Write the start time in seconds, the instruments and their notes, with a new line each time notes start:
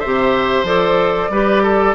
0.00 bassoon C3, clarinet G4, oboe C5, flute E5
0.63 bassoon F3, clarinet A4, flute D5
1.29 bassoon G3, clarinet G4, oboe B4
1.63 oboe A4